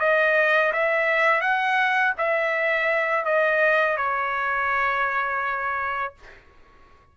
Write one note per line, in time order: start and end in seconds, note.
0.00 0.72 D#5
0.73 1.41 E5
1.41 2.14 F#5
2.18 3.25 E5
3.25 3.97 D#5
3.97 6.14 C#5